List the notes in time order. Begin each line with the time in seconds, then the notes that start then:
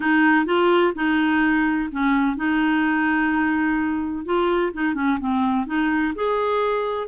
0.00 D#4
0.45 F4
0.95 D#4
1.91 C#4
2.36 D#4
4.25 F4
4.73 D#4
4.94 C#4
5.19 C4
5.66 D#4
6.15 G#4